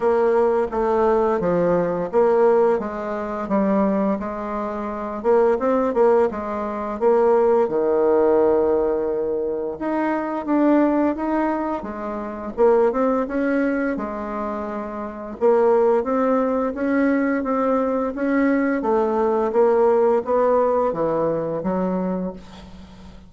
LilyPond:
\new Staff \with { instrumentName = "bassoon" } { \time 4/4 \tempo 4 = 86 ais4 a4 f4 ais4 | gis4 g4 gis4. ais8 | c'8 ais8 gis4 ais4 dis4~ | dis2 dis'4 d'4 |
dis'4 gis4 ais8 c'8 cis'4 | gis2 ais4 c'4 | cis'4 c'4 cis'4 a4 | ais4 b4 e4 fis4 | }